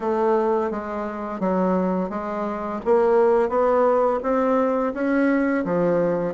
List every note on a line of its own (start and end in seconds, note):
0.00 0.70 A3
0.70 1.40 G#3
1.40 2.09 F#3
2.09 2.80 G#3
2.85 3.49 A#3
3.49 4.19 B3
4.22 4.93 C4
4.93 5.64 C#4
5.64 6.33 F3